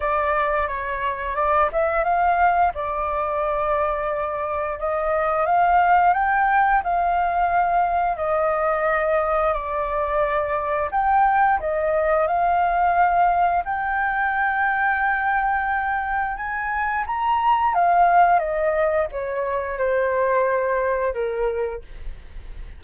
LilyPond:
\new Staff \with { instrumentName = "flute" } { \time 4/4 \tempo 4 = 88 d''4 cis''4 d''8 e''8 f''4 | d''2. dis''4 | f''4 g''4 f''2 | dis''2 d''2 |
g''4 dis''4 f''2 | g''1 | gis''4 ais''4 f''4 dis''4 | cis''4 c''2 ais'4 | }